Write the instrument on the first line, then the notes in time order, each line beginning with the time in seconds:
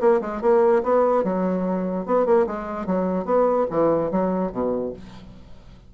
bassoon
0.00 A#3
0.21 G#3
0.41 A#3
0.83 B3
1.23 F#3
2.05 B3
2.25 A#3
2.46 G#3
2.86 F#3
3.25 B3
3.70 E3
4.11 F#3
4.52 B2